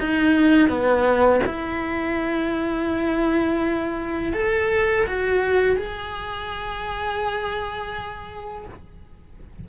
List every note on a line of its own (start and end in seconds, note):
0.00 0.69 D#4
0.69 1.41 B3
1.47 4.34 E4
4.34 5.06 A4
5.07 5.77 F#4
5.77 8.66 G#4